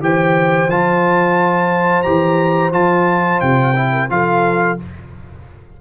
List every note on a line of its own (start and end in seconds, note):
0.00 0.68 E3
0.00 0.68 G4
0.00 3.92 C5
0.00 0.70 G5
0.68 2.04 F3
0.68 2.04 F4
0.68 2.02 A5
2.02 2.72 E3
2.02 2.72 G4
2.02 2.70 A#5
2.72 3.40 F3
2.72 3.74 F4
2.72 3.40 A5
3.40 4.10 C3
3.40 4.08 G5
3.75 4.09 E4
3.92 4.09 A#4
4.09 4.78 F3
4.09 4.78 F4
4.09 4.80 A4
4.09 4.78 F5